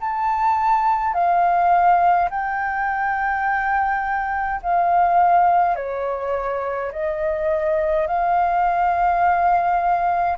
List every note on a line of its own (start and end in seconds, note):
0.00 1.13 A5
1.13 2.29 F5
2.30 4.60 G5
4.63 5.76 F5
5.76 6.91 C#5
6.91 8.07 D#5
8.07 10.37 F5